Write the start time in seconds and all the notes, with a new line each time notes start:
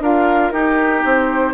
0.00 D4 F4 A#4 F5
0.50 D#4 G4 A#4
1.05 C4 C5